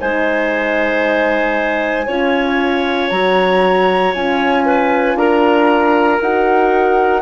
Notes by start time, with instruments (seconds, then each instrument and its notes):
0.00 bassoon G#3, horn D#4, clarinet C5, flute G#5
2.06 bassoon C#4, horn F4, clarinet C#5
3.09 bassoon F#3, horn F#4, flute A#5
4.14 bassoon C#4, horn F4, flute G#5
4.65 clarinet B4
5.15 bassoon D4, clarinet A#4, flute A#5
6.21 bassoon D#4, horn F#4, flute F#5